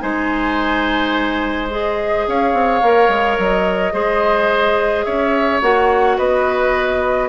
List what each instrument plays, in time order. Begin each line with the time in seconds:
0.00 bassoon G#3, clarinet D#4, oboe C5, flute G#5
1.69 clarinet G#4, flute D#5
2.27 bassoon C#4, oboe C#5, flute F5
2.53 bassoon C4
2.81 bassoon A#3, clarinet A#4
3.08 bassoon G#3
3.38 bassoon F#3, flute D#5
3.92 bassoon G#3, clarinet G#4, oboe C5
5.04 bassoon C#4, oboe C#5, flute E5
5.61 bassoon A#3, clarinet F#4, flute F#5
6.17 bassoon B3, oboe B4, flute D#5